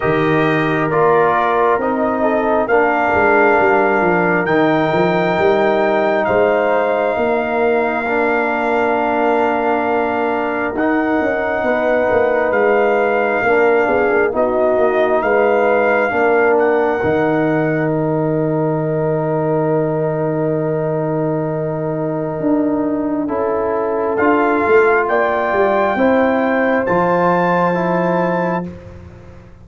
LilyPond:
<<
  \new Staff \with { instrumentName = "trumpet" } { \time 4/4 \tempo 4 = 67 dis''4 d''4 dis''4 f''4~ | f''4 g''2 f''4~ | f''1 | fis''2 f''2 |
dis''4 f''4. fis''4. | g''1~ | g''2. f''4 | g''2 a''2 | }
  \new Staff \with { instrumentName = "horn" } { \time 4/4 ais'2~ ais'8 a'8 ais'4~ | ais'2. c''4 | ais'1~ | ais'4 b'2 ais'8 gis'8 |
fis'4 b'4 ais'2~ | ais'1~ | ais'2 a'2 | d''4 c''2. | }
  \new Staff \with { instrumentName = "trombone" } { \time 4/4 g'4 f'4 dis'4 d'4~ | d'4 dis'2.~ | dis'4 d'2. | dis'2. d'4 |
dis'2 d'4 dis'4~ | dis'1~ | dis'2 e'4 f'4~ | f'4 e'4 f'4 e'4 | }
  \new Staff \with { instrumentName = "tuba" } { \time 4/4 dis4 ais4 c'4 ais8 gis8 | g8 f8 dis8 f8 g4 gis4 | ais1 | dis'8 cis'8 b8 ais8 gis4 ais8 b16 ais16 |
b8 ais8 gis4 ais4 dis4~ | dis1~ | dis4 d'4 cis'4 d'8 a8 | ais8 g8 c'4 f2 | }
>>